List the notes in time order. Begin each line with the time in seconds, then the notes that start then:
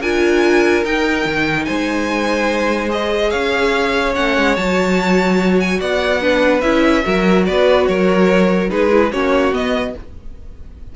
0.00 D4 F4 A#4 G#5
0.84 D#4 G5
1.25 D#3
1.65 G#3 C5 G#5
2.89 G#4 D#5
3.30 C#4 C#5 F5
4.15 A3 C#4 F#5
4.37 G#3
4.56 F#3 F#4 A5
5.60 G#5
5.79 B3 D5 F#5
6.21 D4 B4
6.61 C#4 E4 E5
7.04 F#3 F#4 A#4
7.46 B3 B4 D5
7.86 F#3 A#4 C#5
8.69 G#3 D#4 G#4 B4
8.90 E4
9.12 A#3 C#4 F#4 C#5
9.52 B3 D#5